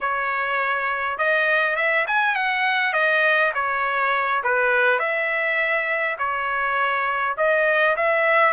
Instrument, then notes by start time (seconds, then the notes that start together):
trumpet
0.00 C#5
1.18 D#5
1.76 E5
2.07 G#5
2.35 F#5
2.93 D#5
3.54 C#5
4.43 B4
4.99 E5
6.18 C#5
7.37 D#5
7.96 E5